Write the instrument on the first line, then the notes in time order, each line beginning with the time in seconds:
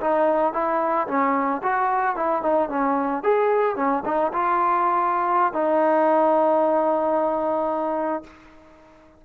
trombone
0.00 D#4
0.53 E4
1.07 C#4
1.62 F#4
2.16 E4
2.42 D#4
2.69 C#4
3.23 G#4
3.76 C#4
4.05 D#4
4.32 F4
5.53 D#4